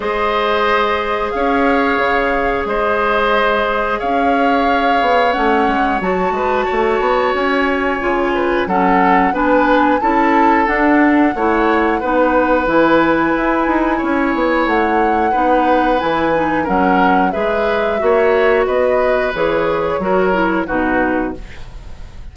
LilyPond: <<
  \new Staff \with { instrumentName = "flute" } { \time 4/4 \tempo 4 = 90 dis''2 f''2 | dis''2 f''2 | fis''4 a''2 gis''4~ | gis''4 fis''4 gis''4 a''4 |
fis''2. gis''4~ | gis''2 fis''2 | gis''4 fis''4 e''2 | dis''4 cis''2 b'4 | }
  \new Staff \with { instrumentName = "oboe" } { \time 4/4 c''2 cis''2 | c''2 cis''2~ | cis''4. b'8 cis''2~ | cis''8 b'8 a'4 b'4 a'4~ |
a'4 cis''4 b'2~ | b'4 cis''2 b'4~ | b'4 ais'4 b'4 cis''4 | b'2 ais'4 fis'4 | }
  \new Staff \with { instrumentName = "clarinet" } { \time 4/4 gis'1~ | gis'1 | cis'4 fis'2. | f'4 cis'4 d'4 e'4 |
d'4 e'4 dis'4 e'4~ | e'2. dis'4 | e'8 dis'8 cis'4 gis'4 fis'4~ | fis'4 gis'4 fis'8 e'8 dis'4 | }
  \new Staff \with { instrumentName = "bassoon" } { \time 4/4 gis2 cis'4 cis4 | gis2 cis'4. b8 | a8 gis8 fis8 gis8 a8 b8 cis'4 | cis4 fis4 b4 cis'4 |
d'4 a4 b4 e4 | e'8 dis'8 cis'8 b8 a4 b4 | e4 fis4 gis4 ais4 | b4 e4 fis4 b,4 | }
>>